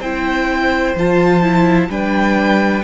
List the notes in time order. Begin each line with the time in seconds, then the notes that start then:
0.00 C4 E4 C5 G5
0.95 F3 F4 A5
1.42 E4
1.89 G3 D4 B4 G5